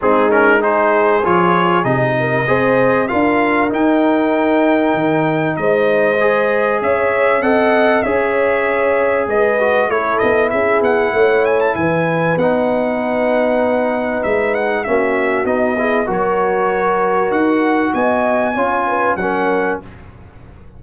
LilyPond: <<
  \new Staff \with { instrumentName = "trumpet" } { \time 4/4 \tempo 4 = 97 gis'8 ais'8 c''4 cis''4 dis''4~ | dis''4 f''4 g''2~ | g''4 dis''2 e''4 | fis''4 e''2 dis''4 |
cis''8 dis''8 e''8 fis''4 gis''16 a''16 gis''4 | fis''2. e''8 fis''8 | e''4 dis''4 cis''2 | fis''4 gis''2 fis''4 | }
  \new Staff \with { instrumentName = "horn" } { \time 4/4 dis'4 gis'2~ gis'8 ais'8 | c''4 ais'2.~ | ais'4 c''2 cis''4 | dis''4 cis''2 b'4 |
a'4 gis'4 cis''4 b'4~ | b'1 | fis'4. gis'8 ais'2~ | ais'4 dis''4 cis''8 b'8 ais'4 | }
  \new Staff \with { instrumentName = "trombone" } { \time 4/4 c'8 cis'8 dis'4 f'4 dis'4 | gis'4 f'4 dis'2~ | dis'2 gis'2 | a'4 gis'2~ gis'8 fis'8 |
e'1 | dis'1 | cis'4 dis'8 e'8 fis'2~ | fis'2 f'4 cis'4 | }
  \new Staff \with { instrumentName = "tuba" } { \time 4/4 gis2 f4 c4 | c'4 d'4 dis'2 | dis4 gis2 cis'4 | c'4 cis'2 gis4 |
a8 b8 cis'8 b8 a4 e4 | b2. gis4 | ais4 b4 fis2 | dis'4 b4 cis'4 fis4 | }
>>